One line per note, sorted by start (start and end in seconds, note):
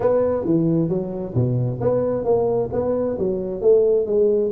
0.00 0.44 B3
0.44 0.88 E3
0.88 1.33 F#3
1.35 1.80 B2
1.80 2.24 B3
2.24 2.69 A#3
2.72 3.17 B3
3.18 3.61 F#3
3.61 4.06 A3
4.06 4.51 G#3